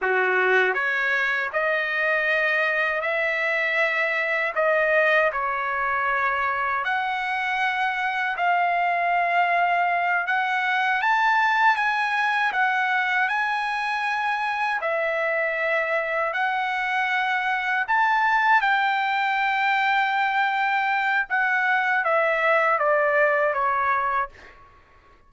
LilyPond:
\new Staff \with { instrumentName = "trumpet" } { \time 4/4 \tempo 4 = 79 fis'4 cis''4 dis''2 | e''2 dis''4 cis''4~ | cis''4 fis''2 f''4~ | f''4. fis''4 a''4 gis''8~ |
gis''8 fis''4 gis''2 e''8~ | e''4. fis''2 a''8~ | a''8 g''2.~ g''8 | fis''4 e''4 d''4 cis''4 | }